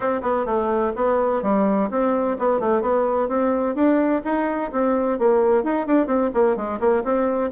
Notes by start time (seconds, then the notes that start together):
0.00 C4
0.22 B3
0.45 A3
0.95 B3
1.42 G3
1.90 C4
2.38 B3
2.60 A3
2.81 B3
3.28 C4
3.75 D4
4.24 D#4
4.72 C4
5.18 A#3
5.63 D#4
5.86 D4
6.07 C4
6.34 A#3
6.56 G#3
6.79 A#3
7.03 C4